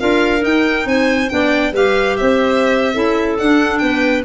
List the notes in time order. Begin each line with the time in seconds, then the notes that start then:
0.00 D4 F4 A#4 F5
0.40 D#4 G5
0.86 C4 C5 G#5
1.29 B3 D4 D5 G5
1.73 G3 G4 B4 F5
2.17 C4 C5 E5
2.94 C#4 E4 A4
3.39 D4 F#5
3.79 B3 B4 G5